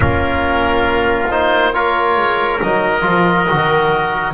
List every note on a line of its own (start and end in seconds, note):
0.00 2.16 A#3
0.00 1.28 C#4
0.00 1.73 F4
0.00 1.30 A#4
1.30 1.73 D#4
1.30 1.74 C5
1.73 2.60 F4
1.73 4.34 A#4
1.73 2.61 C#5
2.16 2.60 G#3
2.61 3.05 F#3
2.61 3.01 D#4
2.61 4.34 D#5
3.01 3.48 F3
3.01 3.45 F4
3.49 4.34 D#3
3.49 4.34 F#4